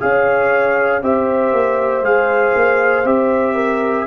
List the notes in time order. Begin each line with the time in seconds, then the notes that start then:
0.00 C#4 G#4 C#5 F5
1.02 C4 G4 C5 E5
1.53 A#3
2.01 G#3 G#4 F5
2.55 A#3
3.04 C4 G4 E5
3.55 A#4